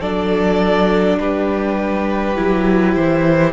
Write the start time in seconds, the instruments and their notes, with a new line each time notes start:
0.00 cello F#3, viola D4, violin A4 D5
1.19 cello G3, violin G4 B4
2.36 cello F#3, viola E4
2.93 cello E3, violin C5